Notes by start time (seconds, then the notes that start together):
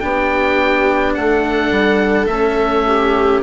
0.00 B3 D4 G4 G5
1.15 A3 A4 F#5
1.71 G3
2.27 A3 C#4 E5
2.88 G4